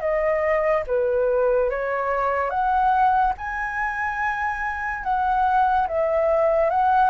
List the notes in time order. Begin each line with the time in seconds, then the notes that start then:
0.00 D#5
0.87 B4
1.70 C#5
2.50 F#5
3.38 G#5
5.04 F#5
5.87 E5
6.70 F#5